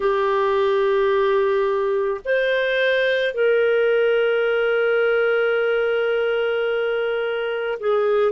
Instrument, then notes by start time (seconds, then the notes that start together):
clarinet
0.00 G4
2.24 C5
3.34 A#4
7.79 G#4